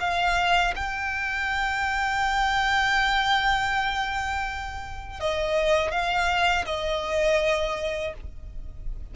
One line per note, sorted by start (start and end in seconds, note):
0.00 0.74 F5
0.76 5.20 G5
5.20 5.91 D#5
5.91 6.65 F5
6.66 8.14 D#5